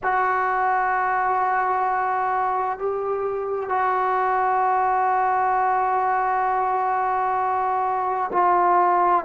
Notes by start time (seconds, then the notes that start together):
0.03 F#4
2.78 G4
3.69 F#4
8.32 F4